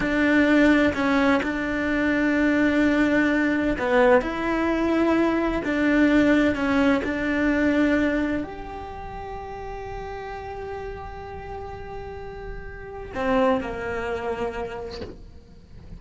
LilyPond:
\new Staff \with { instrumentName = "cello" } { \time 4/4 \tempo 4 = 128 d'2 cis'4 d'4~ | d'1 | b4 e'2. | d'2 cis'4 d'4~ |
d'2 g'2~ | g'1~ | g'1 | c'4 ais2. | }